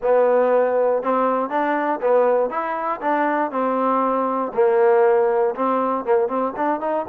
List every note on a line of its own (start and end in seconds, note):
0.02 1.02 B3
1.02 1.49 C4
1.49 2.00 D4
2.01 2.50 B3
2.50 3.00 E4
3.01 3.51 D4
3.51 4.52 C4
4.54 5.55 A#3
5.55 6.04 C4
6.04 6.28 A#3
6.28 6.53 C4
6.56 6.80 D4
6.80 7.05 D#4